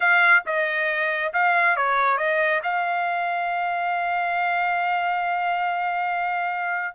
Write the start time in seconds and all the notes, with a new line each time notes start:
0.00 F5
0.46 D#5
1.33 F5
1.76 C#5
2.17 D#5
2.63 F5